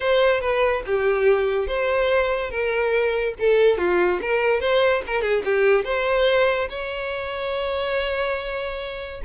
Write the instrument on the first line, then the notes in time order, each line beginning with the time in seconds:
violin
0.00 C5
0.40 B4
0.85 G4
1.67 C5
2.50 A#4
3.39 A4
3.77 F4
4.21 A#4
4.60 C5
5.07 A#4
5.21 G#4
5.44 G4
5.84 C5
6.69 C#5